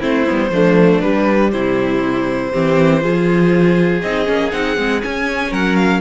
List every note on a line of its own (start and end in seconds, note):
0.00 0.27 A3
0.00 0.25 C4
0.00 0.50 E4
0.00 1.01 C5
0.27 0.50 G3
0.27 0.52 B3
0.50 1.00 F3
0.50 1.03 A3
0.50 1.53 D4
1.01 2.53 G3
1.01 1.53 G3
1.01 1.51 B4
1.51 2.53 C3
1.51 2.53 E4
1.51 4.01 C5
2.53 3.04 E3
2.53 3.01 C4
2.53 3.03 G4
3.01 4.03 F3
3.01 4.01 F4
3.01 5.51 G#4
4.02 4.28 C4
4.02 4.25 D#4
4.02 4.52 D#5
4.25 4.53 A#3
4.25 4.50 C#4
4.52 4.78 C4
4.52 4.77 D#4
4.52 5.02 F#5
4.77 5.03 G#3
4.77 5.02 C4
5.02 6.01 C#4
5.02 5.52 C#4
5.02 5.54 G#5
5.51 6.01 F#3
5.51 6.01 A#4
5.51 5.76 F#5
5.76 6.01 F5